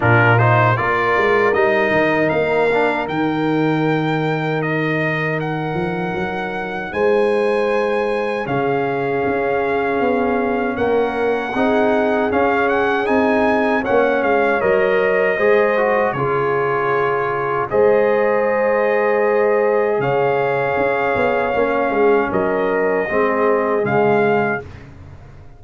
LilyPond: <<
  \new Staff \with { instrumentName = "trumpet" } { \time 4/4 \tempo 4 = 78 ais'8 c''8 d''4 dis''4 f''4 | g''2 dis''4 fis''4~ | fis''4 gis''2 f''4~ | f''2 fis''2 |
f''8 fis''8 gis''4 fis''8 f''8 dis''4~ | dis''4 cis''2 dis''4~ | dis''2 f''2~ | f''4 dis''2 f''4 | }
  \new Staff \with { instrumentName = "horn" } { \time 4/4 f'4 ais'2.~ | ais'1~ | ais'4 c''2 gis'4~ | gis'2 ais'4 gis'4~ |
gis'2 cis''2 | c''4 gis'2 c''4~ | c''2 cis''2~ | cis''8 gis'8 ais'4 gis'2 | }
  \new Staff \with { instrumentName = "trombone" } { \time 4/4 d'8 dis'8 f'4 dis'4. d'8 | dis'1~ | dis'2. cis'4~ | cis'2. dis'4 |
cis'4 dis'4 cis'4 ais'4 | gis'8 fis'8 f'2 gis'4~ | gis'1 | cis'2 c'4 gis4 | }
  \new Staff \with { instrumentName = "tuba" } { \time 4/4 ais,4 ais8 gis8 g8 dis8 ais4 | dis2.~ dis8 f8 | fis4 gis2 cis4 | cis'4 b4 ais4 c'4 |
cis'4 c'4 ais8 gis8 fis4 | gis4 cis2 gis4~ | gis2 cis4 cis'8 b8 | ais8 gis8 fis4 gis4 cis4 | }
>>